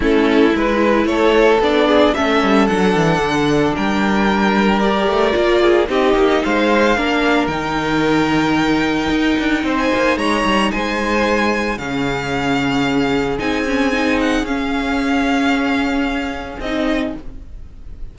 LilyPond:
<<
  \new Staff \with { instrumentName = "violin" } { \time 4/4 \tempo 4 = 112 a'4 b'4 cis''4 d''4 | e''4 fis''2 g''4~ | g''4 d''2 dis''4 | f''2 g''2~ |
g''2~ g''16 gis''8. ais''4 | gis''2 f''2~ | f''4 gis''4. fis''8 f''4~ | f''2. dis''4 | }
  \new Staff \with { instrumentName = "violin" } { \time 4/4 e'2 a'4. gis'8 | a'2. ais'4~ | ais'2~ ais'8 gis'8 g'4 | c''4 ais'2.~ |
ais'2 c''4 cis''4 | c''2 gis'2~ | gis'1~ | gis'1 | }
  \new Staff \with { instrumentName = "viola" } { \time 4/4 cis'4 e'2 d'4 | cis'4 d'2.~ | d'4 g'4 f'4 dis'4~ | dis'4 d'4 dis'2~ |
dis'1~ | dis'2 cis'2~ | cis'4 dis'8 cis'8 dis'4 cis'4~ | cis'2. dis'4 | }
  \new Staff \with { instrumentName = "cello" } { \time 4/4 a4 gis4 a4 b4 | a8 g8 fis8 e8 d4 g4~ | g4. a8 ais4 c'8 ais8 | gis4 ais4 dis2~ |
dis4 dis'8 d'8 c'8 ais8 gis8 g8 | gis2 cis2~ | cis4 c'2 cis'4~ | cis'2. c'4 | }
>>